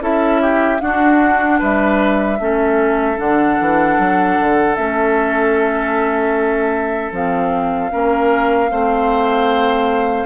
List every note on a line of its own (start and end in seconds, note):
0.00 0.79 C#4
0.00 0.79 E4
0.00 0.41 A4
0.00 0.80 E5
0.41 0.81 G4
0.79 2.37 D4
0.79 1.60 D4
0.79 1.59 F#4
0.79 1.59 F#5
1.59 2.39 G3
1.59 2.38 B4
1.59 3.19 E5
2.39 3.18 A3
2.39 3.16 C#4
2.39 7.91 A4
3.16 3.59 D3
3.16 4.74 D4
3.16 4.75 F#5
3.60 3.98 E3
3.98 4.37 F#3
4.40 4.77 D3
4.75 7.11 A3
4.75 7.13 C#4
4.75 7.12 E5
7.11 7.90 F3
7.11 7.90 C4
7.11 10.25 F5
7.90 8.71 A#3
7.90 8.69 C#4
7.90 8.70 A#4
8.70 10.25 A3
8.70 10.25 C4
8.70 10.25 C5